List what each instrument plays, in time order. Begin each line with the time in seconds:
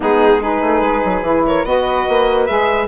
0.00 bassoon G#3, saxophone B3, flute D#4, violin G#4
0.41 saxophone D#4, flute G#4, violin B4
0.61 bassoon A3
0.80 bassoon G#3
1.04 bassoon F#3
1.22 bassoon E3, saxophone E4
1.46 flute A#4, violin C#5
1.64 bassoon B3, saxophone F#4, flute B4, violin D#5
2.09 bassoon A#3
2.46 bassoon G#3, saxophone G#4, violin E5